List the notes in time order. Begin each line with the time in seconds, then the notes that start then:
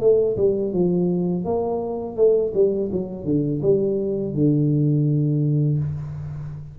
0.00 A3
0.36 G3
0.73 F3
1.45 A#3
2.16 A3
2.54 G3
2.92 F#3
3.25 D3
3.62 G3
4.34 D3